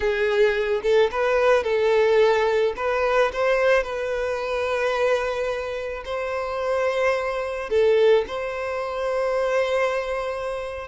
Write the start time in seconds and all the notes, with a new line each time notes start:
0.00 G#4
0.83 A4
1.11 B4
1.63 A4
2.76 B4
3.33 C5
3.83 B4
6.04 C5
7.69 A4
8.27 C5